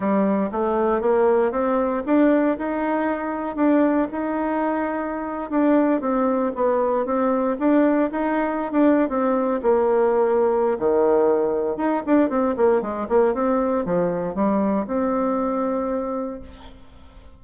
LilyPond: \new Staff \with { instrumentName = "bassoon" } { \time 4/4 \tempo 4 = 117 g4 a4 ais4 c'4 | d'4 dis'2 d'4 | dis'2~ dis'8. d'4 c'16~ | c'8. b4 c'4 d'4 dis'16~ |
dis'4 d'8. c'4 ais4~ ais16~ | ais4 dis2 dis'8 d'8 | c'8 ais8 gis8 ais8 c'4 f4 | g4 c'2. | }